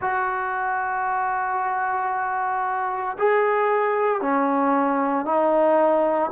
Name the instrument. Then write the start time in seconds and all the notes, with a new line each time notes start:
trombone
0.01 F#4
3.18 G#4
4.21 C#4
5.25 D#4